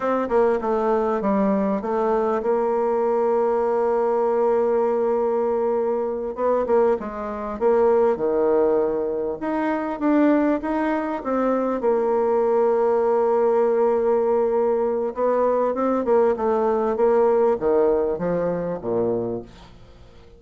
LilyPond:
\new Staff \with { instrumentName = "bassoon" } { \time 4/4 \tempo 4 = 99 c'8 ais8 a4 g4 a4 | ais1~ | ais2~ ais8 b8 ais8 gis8~ | gis8 ais4 dis2 dis'8~ |
dis'8 d'4 dis'4 c'4 ais8~ | ais1~ | ais4 b4 c'8 ais8 a4 | ais4 dis4 f4 ais,4 | }